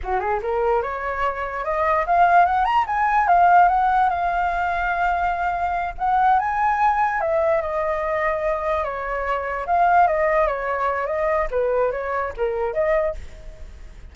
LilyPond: \new Staff \with { instrumentName = "flute" } { \time 4/4 \tempo 4 = 146 fis'8 gis'8 ais'4 cis''2 | dis''4 f''4 fis''8 ais''8 gis''4 | f''4 fis''4 f''2~ | f''2~ f''8 fis''4 gis''8~ |
gis''4. e''4 dis''4.~ | dis''4. cis''2 f''8~ | f''8 dis''4 cis''4. dis''4 | b'4 cis''4 ais'4 dis''4 | }